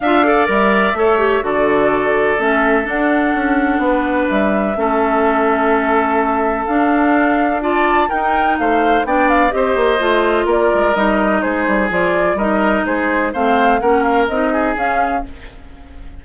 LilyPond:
<<
  \new Staff \with { instrumentName = "flute" } { \time 4/4 \tempo 4 = 126 f''4 e''2 d''4~ | d''4 e''4 fis''2~ | fis''4 e''2.~ | e''2 f''2 |
a''4 g''4 f''4 g''8 f''8 | dis''2 d''4 dis''4 | c''4 d''4 dis''4 c''4 | f''4 fis''8 f''8 dis''4 f''4 | }
  \new Staff \with { instrumentName = "oboe" } { \time 4/4 e''8 d''4. cis''4 a'4~ | a'1 | b'2 a'2~ | a'1 |
d''4 ais'4 c''4 d''4 | c''2 ais'2 | gis'2 ais'4 gis'4 | c''4 ais'4. gis'4. | }
  \new Staff \with { instrumentName = "clarinet" } { \time 4/4 f'8 a'8 ais'4 a'8 g'8 fis'4~ | fis'4 cis'4 d'2~ | d'2 cis'2~ | cis'2 d'2 |
f'4 dis'2 d'4 | g'4 f'2 dis'4~ | dis'4 f'4 dis'2 | c'4 cis'4 dis'4 cis'4 | }
  \new Staff \with { instrumentName = "bassoon" } { \time 4/4 d'4 g4 a4 d4~ | d4 a4 d'4 cis'4 | b4 g4 a2~ | a2 d'2~ |
d'4 dis'4 a4 b4 | c'8 ais8 a4 ais8 gis8 g4 | gis8 g8 f4 g4 gis4 | a4 ais4 c'4 cis'4 | }
>>